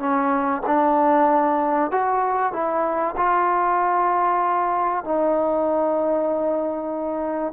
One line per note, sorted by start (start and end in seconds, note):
0.00 0.62 C#4
0.67 1.92 D4
1.92 2.53 F#4
2.53 3.16 E4
3.17 5.05 F4
5.05 7.54 D#4